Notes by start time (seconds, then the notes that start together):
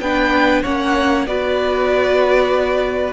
0.00 B3 D4 B4 G5
0.62 A#3 C#4 C#5 F#5
1.27 B3 F#4 B4 D5